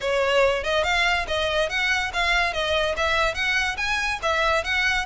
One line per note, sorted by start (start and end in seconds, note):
0.00 0.63 C#5
0.63 0.83 D#5
0.83 1.26 F5
1.27 1.69 D#5
1.69 2.11 F#5
2.13 2.53 F5
2.53 2.95 D#5
2.96 3.34 E5
3.34 3.76 F#5
3.77 4.19 G#5
4.22 4.64 E5
4.64 5.05 F#5